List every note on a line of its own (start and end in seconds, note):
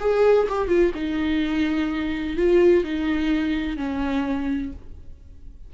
0.00 0.48 G#4
0.49 0.68 G4
0.68 0.92 F4
0.94 2.37 D#4
2.37 2.84 F4
2.84 3.77 D#4
3.77 4.72 C#4